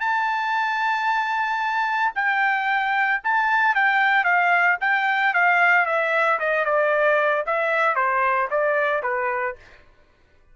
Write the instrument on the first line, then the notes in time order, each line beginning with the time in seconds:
trumpet
0.00 A5
2.15 G5
3.24 A5
3.75 G5
4.24 F5
4.81 G5
5.34 F5
5.86 E5
6.39 D#5
6.65 D5
7.46 E5
7.95 C5
8.51 D5
9.03 B4